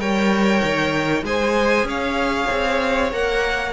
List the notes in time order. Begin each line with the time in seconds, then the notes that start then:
0.00 G3 A#4 C#5 G5
0.64 D#3
1.24 G#3 G#4 C5 G#5
1.84 C#4 C#5 F5
2.51 C4
3.12 A#3 A#4 F#5